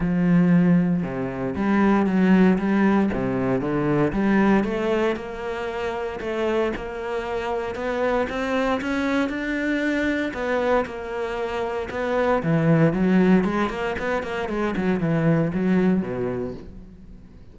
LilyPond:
\new Staff \with { instrumentName = "cello" } { \time 4/4 \tempo 4 = 116 f2 c4 g4 | fis4 g4 c4 d4 | g4 a4 ais2 | a4 ais2 b4 |
c'4 cis'4 d'2 | b4 ais2 b4 | e4 fis4 gis8 ais8 b8 ais8 | gis8 fis8 e4 fis4 b,4 | }